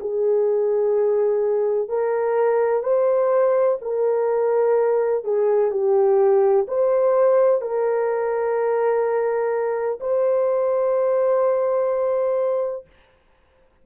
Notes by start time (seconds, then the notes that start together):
0.00 G#4
1.89 A#4
2.83 C5
3.81 A#4
5.24 G#4
5.71 G4
6.68 C5
7.61 A#4
10.00 C5